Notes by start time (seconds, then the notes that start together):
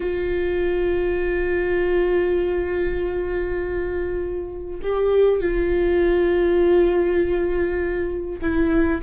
0.00 F4
4.82 G4
5.40 F4
8.41 E4